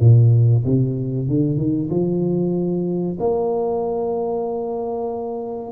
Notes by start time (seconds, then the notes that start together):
0.00 A#2
0.65 C3
1.28 D3
1.58 D#3
1.90 F3
3.19 A#3